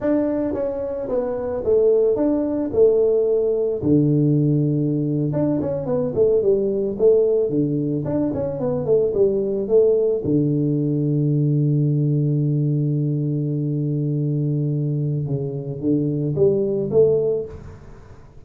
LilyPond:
\new Staff \with { instrumentName = "tuba" } { \time 4/4 \tempo 4 = 110 d'4 cis'4 b4 a4 | d'4 a2 d4~ | d4.~ d16 d'8 cis'8 b8 a8 g16~ | g8. a4 d4 d'8 cis'8 b16~ |
b16 a8 g4 a4 d4~ d16~ | d1~ | d1 | cis4 d4 g4 a4 | }